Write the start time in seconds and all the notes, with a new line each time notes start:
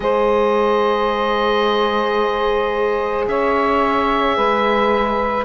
0.00 G#3 G#4 C5 D#5
3.28 C#4 C#5 E5
4.36 G#3 B4